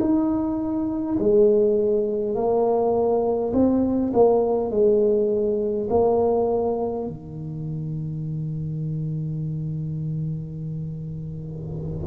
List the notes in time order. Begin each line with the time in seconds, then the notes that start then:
0.00 D#4
1.19 G#3
2.35 A#3
3.53 C4
4.13 A#3
4.71 G#3
5.89 A#3
7.07 D#3